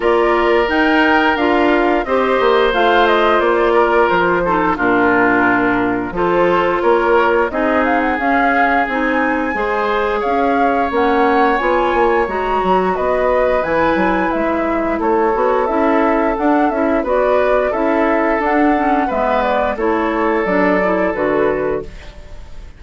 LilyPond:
<<
  \new Staff \with { instrumentName = "flute" } { \time 4/4 \tempo 4 = 88 d''4 g''4 f''4 dis''4 | f''8 dis''8 d''4 c''4 ais'4~ | ais'4 c''4 cis''4 dis''8 f''16 fis''16 | f''4 gis''2 f''4 |
fis''4 gis''4 ais''4 dis''4 | gis''4 e''4 cis''4 e''4 | fis''8 e''8 d''4 e''4 fis''4 | e''8 d''8 cis''4 d''4 b'4 | }
  \new Staff \with { instrumentName = "oboe" } { \time 4/4 ais'2. c''4~ | c''4. ais'4 a'8 f'4~ | f'4 a'4 ais'4 gis'4~ | gis'2 c''4 cis''4~ |
cis''2. b'4~ | b'2 a'2~ | a'4 b'4 a'2 | b'4 a'2. | }
  \new Staff \with { instrumentName = "clarinet" } { \time 4/4 f'4 dis'4 f'4 g'4 | f'2~ f'8 dis'8 d'4~ | d'4 f'2 dis'4 | cis'4 dis'4 gis'2 |
cis'4 f'4 fis'2 | e'2~ e'8 fis'8 e'4 | d'8 e'8 fis'4 e'4 d'8 cis'8 | b4 e'4 d'8 e'8 fis'4 | }
  \new Staff \with { instrumentName = "bassoon" } { \time 4/4 ais4 dis'4 d'4 c'8 ais8 | a4 ais4 f4 ais,4~ | ais,4 f4 ais4 c'4 | cis'4 c'4 gis4 cis'4 |
ais4 b8 ais8 gis8 fis8 b4 | e8 fis8 gis4 a8 b8 cis'4 | d'8 cis'8 b4 cis'4 d'4 | gis4 a4 fis4 d4 | }
>>